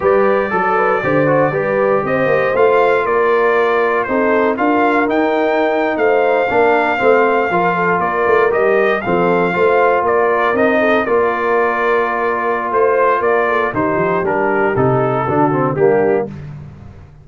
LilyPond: <<
  \new Staff \with { instrumentName = "trumpet" } { \time 4/4 \tempo 4 = 118 d''1 | dis''4 f''4 d''2 | c''4 f''4 g''4.~ g''16 f''16~ | f''2.~ f''8. d''16~ |
d''8. dis''4 f''2 d''16~ | d''8. dis''4 d''2~ d''16~ | d''4 c''4 d''4 c''4 | ais'4 a'2 g'4 | }
  \new Staff \with { instrumentName = "horn" } { \time 4/4 b'4 a'8 b'8 c''4 b'4 | c''2 ais'2 | a'4 ais'2~ ais'8. c''16~ | c''8. ais'4 c''4 ais'8 a'8 ais'16~ |
ais'4.~ ais'16 a'4 c''4 ais'16~ | ais'4~ ais'16 a'8 ais'2~ ais'16~ | ais'4 c''4 ais'8 a'8 g'4~ | g'2 fis'4 d'4 | }
  \new Staff \with { instrumentName = "trombone" } { \time 4/4 g'4 a'4 g'8 fis'8 g'4~ | g'4 f'2. | dis'4 f'4 dis'2~ | dis'8. d'4 c'4 f'4~ f'16~ |
f'8. g'4 c'4 f'4~ f'16~ | f'8. dis'4 f'2~ f'16~ | f'2. dis'4 | d'4 dis'4 d'8 c'8 ais4 | }
  \new Staff \with { instrumentName = "tuba" } { \time 4/4 g4 fis4 d4 g4 | c'8 ais8 a4 ais2 | c'4 d'4 dis'4.~ dis'16 a16~ | a8. ais4 a4 f4 ais16~ |
ais16 a8 g4 f4 a4 ais16~ | ais8. c'4 ais2~ ais16~ | ais4 a4 ais4 dis8 f8 | g4 c4 d4 g4 | }
>>